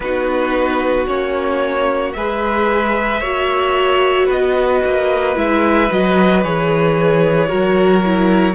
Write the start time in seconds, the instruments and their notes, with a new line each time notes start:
0.00 cello B3, viola D#4, violin F#4 B4
1.07 cello A#3, viola C#4, violin C#5
2.12 cello G#3, viola G#4, violin B4 E5
3.20 cello A#3, viola F#4, violin C#5
4.26 cello B3, violin B4 D#5
4.85 cello A#3
5.35 cello G#3, viola E4, violin E5
5.90 cello F#3, viola F#4, violin D#5
6.43 cello E3, viola G#4, violin C#5
7.48 cello F#3, viola F#4, violin A#4
8.05 viola E4